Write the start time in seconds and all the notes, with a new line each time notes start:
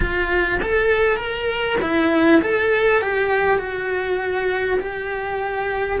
0.00 F4
0.62 A4
1.17 A#4
1.81 E4
2.42 A4
3.01 G4
3.58 F#4
4.79 G4